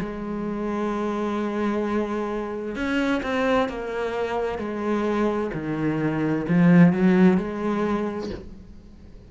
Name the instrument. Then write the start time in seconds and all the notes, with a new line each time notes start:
cello
0.00 G#3
2.76 C#4
3.23 C4
3.69 A#3
4.59 G#3
5.54 D#3
6.49 F3
6.93 F#3
7.38 G#3